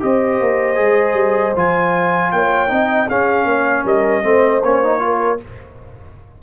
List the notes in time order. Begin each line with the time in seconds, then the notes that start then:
0.00 C4 G4 C5 D#5
0.41 A#3
0.76 G#3 G#4
1.14 G3
1.56 F3 F4 G#5
2.32 A#3 C#5 G5
2.69 C4 D#4 D#5
3.09 C#4 G#4 F5
3.45 A#3 C#5
3.85 G3 A#4 D#5
4.23 A3 C4 C5
4.63 A#3 C#4 C#5
4.83 D#4
4.99 F4 A#4